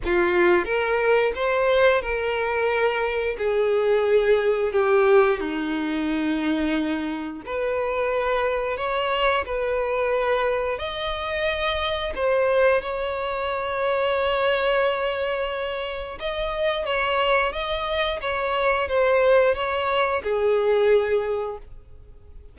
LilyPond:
\new Staff \with { instrumentName = "violin" } { \time 4/4 \tempo 4 = 89 f'4 ais'4 c''4 ais'4~ | ais'4 gis'2 g'4 | dis'2. b'4~ | b'4 cis''4 b'2 |
dis''2 c''4 cis''4~ | cis''1 | dis''4 cis''4 dis''4 cis''4 | c''4 cis''4 gis'2 | }